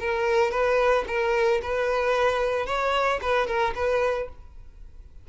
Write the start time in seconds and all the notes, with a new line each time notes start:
0.00 A#4
0.52 B4
1.08 A#4
1.63 B4
2.67 C#5
3.22 B4
3.47 A#4
3.75 B4